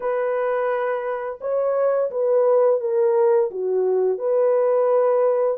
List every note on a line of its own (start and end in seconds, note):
0.00 1.39 B4
1.40 2.10 C#5
2.11 2.80 B4
2.80 3.50 A#4
3.50 4.18 F#4
4.18 5.57 B4